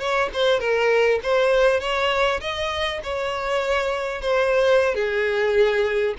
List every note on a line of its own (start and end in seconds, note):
0.00 0.30 C#5
0.34 0.60 C5
0.60 1.20 A#4
1.24 1.81 C5
1.81 2.41 C#5
2.41 3.01 D#5
3.04 4.22 C#5
4.22 4.95 C5
4.95 6.15 G#4